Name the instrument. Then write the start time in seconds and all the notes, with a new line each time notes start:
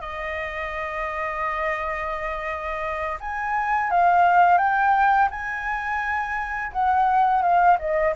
flute
0.00 D#5
3.20 G#5
3.90 F5
4.58 G5
5.30 G#5
6.72 F#5
7.42 F5
7.78 D#5